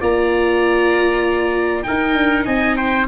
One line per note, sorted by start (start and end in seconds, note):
0.00 1.84 A#3
0.00 1.83 F4
0.00 1.84 D5
0.00 1.82 A#5
1.82 3.05 D#4
1.82 2.45 A#4
1.82 2.44 G5
1.89 2.15 D#4
2.15 2.45 D4
2.45 3.07 C4
2.45 2.76 D#5
2.45 2.76 G#5
2.76 3.07 C5
2.76 3.06 G5